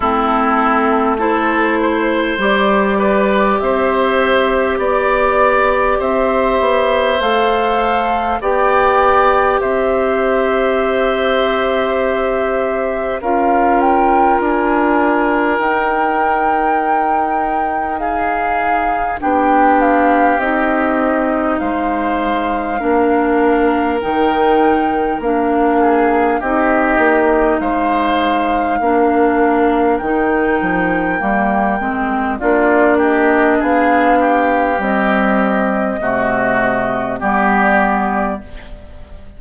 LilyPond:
<<
  \new Staff \with { instrumentName = "flute" } { \time 4/4 \tempo 4 = 50 a'4 c''4 d''4 e''4 | d''4 e''4 f''4 g''4 | e''2. f''8 g''8 | gis''4 g''2 f''4 |
g''8 f''8 dis''4 f''2 | g''4 f''4 dis''4 f''4~ | f''4 g''2 d''8 dis''8 | f''4 dis''2 d''4 | }
  \new Staff \with { instrumentName = "oboe" } { \time 4/4 e'4 a'8 c''4 b'8 c''4 | d''4 c''2 d''4 | c''2. ais'4~ | ais'2. gis'4 |
g'2 c''4 ais'4~ | ais'4. gis'8 g'4 c''4 | ais'2. f'8 g'8 | gis'8 g'4. fis'4 g'4 | }
  \new Staff \with { instrumentName = "clarinet" } { \time 4/4 c'4 e'4 g'2~ | g'2 a'4 g'4~ | g'2. f'4~ | f'4 dis'2. |
d'4 dis'2 d'4 | dis'4 d'4 dis'2 | d'4 dis'4 ais8 c'8 d'4~ | d'4 g4 a4 b4 | }
  \new Staff \with { instrumentName = "bassoon" } { \time 4/4 a2 g4 c'4 | b4 c'8 b8 a4 b4 | c'2. cis'4 | d'4 dis'2. |
b4 c'4 gis4 ais4 | dis4 ais4 c'8 ais8 gis4 | ais4 dis8 f8 g8 gis8 ais4 | b4 c'4 c4 g4 | }
>>